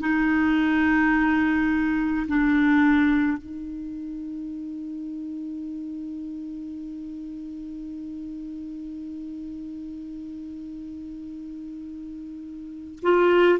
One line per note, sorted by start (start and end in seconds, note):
0.00 2.26 D#4
2.27 3.37 D4
3.37 12.99 D#4
13.02 13.59 F4